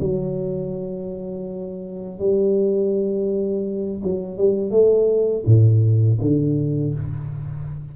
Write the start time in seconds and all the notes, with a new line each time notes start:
0.00 F#3
2.19 G3
4.03 F#3
4.37 G3
4.71 A3
5.46 A2
6.21 D3